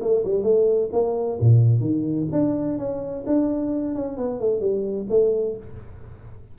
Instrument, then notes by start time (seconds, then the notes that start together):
tuba
0.00 A3
0.24 G3
0.43 A3
0.92 A#3
1.40 A#2
1.80 D#3
2.32 D4
2.78 C#4
3.26 D4
3.95 C#4
4.17 B3
4.40 A3
4.60 G3
5.10 A3